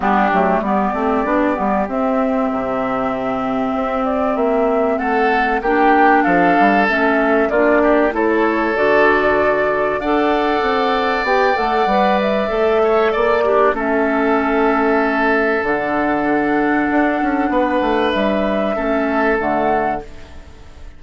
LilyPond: <<
  \new Staff \with { instrumentName = "flute" } { \time 4/4 \tempo 4 = 96 g'4 d''2 e''4~ | e''2~ e''8 d''8 e''4 | fis''4 g''4 f''4 e''4 | d''4 cis''4 d''2 |
fis''2 g''8 fis''4 e''8~ | e''4 d''4 e''2~ | e''4 fis''2.~ | fis''4 e''2 fis''4 | }
  \new Staff \with { instrumentName = "oboe" } { \time 4/4 d'4 g'2.~ | g'1 | a'4 g'4 a'2 | f'8 g'8 a'2. |
d''1~ | d''8 cis''8 d''8 d'8 a'2~ | a'1 | b'2 a'2 | }
  \new Staff \with { instrumentName = "clarinet" } { \time 4/4 b8 a8 b8 c'8 d'8 b8 c'4~ | c'1~ | c'4 d'2 cis'4 | d'4 e'4 fis'2 |
a'2 g'8 a'8 b'4 | a'4. g'8 cis'2~ | cis'4 d'2.~ | d'2 cis'4 a4 | }
  \new Staff \with { instrumentName = "bassoon" } { \time 4/4 g8 fis8 g8 a8 b8 g8 c'4 | c2 c'4 ais4 | a4 ais4 f8 g8 a4 | ais4 a4 d2 |
d'4 c'4 b8 a8 g4 | a4 ais4 a2~ | a4 d2 d'8 cis'8 | b8 a8 g4 a4 d4 | }
>>